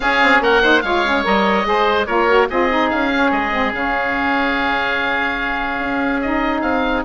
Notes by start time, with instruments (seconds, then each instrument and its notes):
0.00 saxophone C#4, bassoon C#4, oboe G#4 F5
0.22 bassoon C4
0.40 bassoon A#3, oboe A#4 F#5
0.62 saxophone D#4, oboe C5
0.81 bassoon G#3, saxophone F4, oboe C#5 F5
1.04 saxophone C#4
1.23 bassoon G3, saxophone A#4, oboe D#5
1.64 bassoon G#3, saxophone G#4, oboe C5
2.06 bassoon A#3, saxophone F4, oboe A#4 C#5
2.28 saxophone F#4
2.49 bassoon C4, saxophone F4, oboe G#4 D#5
2.69 saxophone D#4
2.89 bassoon C#4, oboe F5
3.13 saxophone C#4
3.31 bassoon G#3, oboe D#5
3.52 saxophone C4
3.72 bassoon C#3, saxophone C#4, oboe F5
5.78 bassoon C#4
6.21 saxophone D#4, oboe D#5
6.61 bassoon C4, oboe F5